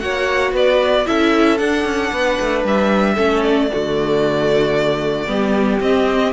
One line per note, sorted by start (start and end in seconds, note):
0.00 0.53 A#3
0.00 1.06 F#4
0.00 0.53 C#5
0.00 0.53 F#5
0.53 1.06 B3
0.53 1.05 B4
0.53 1.07 D5
1.06 1.61 C#4
1.06 1.58 E4
1.06 2.12 A4
1.06 1.58 E5
1.58 3.16 D4
1.58 1.85 D4
1.58 2.63 F#5
1.85 2.11 C#4
2.12 2.39 B3
2.12 3.15 B4
2.40 2.64 A3
2.64 3.17 G3
2.64 3.43 E5
3.15 3.70 A3
3.15 3.69 C#4
3.15 3.67 A4
3.43 5.80 D5
3.71 5.28 D3
3.71 5.27 A3
3.71 5.30 F#4
5.27 5.80 G3
5.27 5.79 B3
5.27 6.33 G4
5.80 6.33 C4
5.80 6.33 D#5